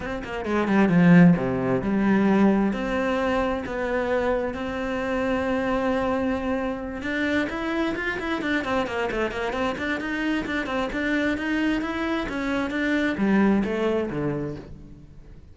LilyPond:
\new Staff \with { instrumentName = "cello" } { \time 4/4 \tempo 4 = 132 c'8 ais8 gis8 g8 f4 c4 | g2 c'2 | b2 c'2~ | c'2.~ c'8 d'8~ |
d'8 e'4 f'8 e'8 d'8 c'8 ais8 | a8 ais8 c'8 d'8 dis'4 d'8 c'8 | d'4 dis'4 e'4 cis'4 | d'4 g4 a4 d4 | }